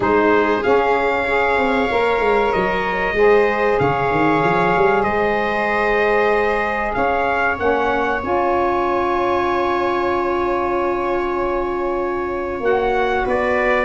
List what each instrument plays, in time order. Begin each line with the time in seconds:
0.00 tuba G#3, saxophone D#4, viola G#4, trumpet C5
0.63 saxophone C#4, tuba C#4, trumpet F5
1.24 saxophone G#4, viola C#5
1.57 tuba C4
1.90 tuba A#3, saxophone A#4
2.19 tuba G#3
2.52 tuba F#3, trumpet D#5
3.12 tuba G#3, saxophone G#4, viola C5
3.78 tuba C#3, viola C#5, trumpet F5
4.10 tuba D#3
4.44 tuba F3
4.76 tuba G3
5.02 tuba G#3, viola C5, trumpet D#5
6.93 tuba C#4, viola C#5, trumpet F5
7.57 tuba A#3, saxophone C#4, trumpet F#5
8.21 tuba C#4, saxophone F4, trumpet G#5
12.60 tuba A#3, saxophone F#4, trumpet F#5
13.24 tuba B3, viola B4, trumpet D5